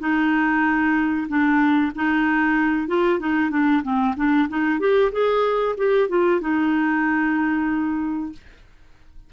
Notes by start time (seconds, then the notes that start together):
0.00 D#4
1.29 D4
1.96 D#4
2.88 F4
3.20 D#4
3.51 D4
3.83 C4
4.17 D4
4.49 D#4
4.80 G4
5.12 G#4
5.78 G4
6.09 F4
6.41 D#4